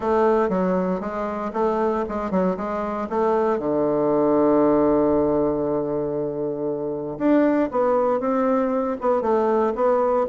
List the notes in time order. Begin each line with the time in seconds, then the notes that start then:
0.00 A3
0.49 F#3
1.00 G#3
1.53 A3
2.08 G#3
2.31 F#3
2.56 G#3
3.09 A3
3.59 D3
7.18 D4
7.71 B3
8.20 C4
9.00 B3
9.21 A3
9.75 B3